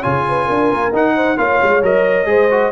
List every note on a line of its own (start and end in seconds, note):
0.00 0.50 C#3
0.00 0.93 F4
0.00 0.22 C#5
0.00 0.93 G#5
0.29 0.47 B4
0.47 0.72 D4
0.47 1.14 A#4
0.72 0.93 A#3
0.93 1.37 D#4
0.93 1.38 F#5
1.16 1.38 C5
1.37 1.61 A#3
1.37 1.82 F4
1.37 2.29 C#5
1.37 1.83 F5
1.63 1.83 G#3
1.83 2.26 F#3
1.83 2.26 A#4
1.83 2.73 D#5
2.26 2.70 G#3
2.26 2.49 G#4
2.26 2.73 C5
2.51 2.73 F#4